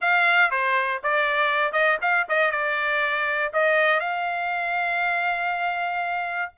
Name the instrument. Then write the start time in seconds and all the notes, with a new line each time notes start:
trumpet
0.01 F5
0.50 C5
1.03 D5
1.72 D#5
2.01 F5
2.28 D#5
2.51 D5
3.53 D#5
4.00 F5